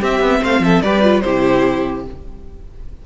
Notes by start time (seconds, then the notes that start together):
0.00 C4 G4 E5
0.20 B3
0.41 A3 C5 F5
0.60 F3 A4 E5
0.82 G3 G4 B4 D5
1.02 F4
1.20 C3 E4 G4 C5